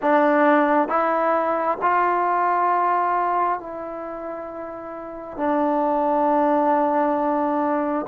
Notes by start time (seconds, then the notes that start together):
0.02 D4
0.88 E4
1.81 F4
3.59 E4
5.37 D4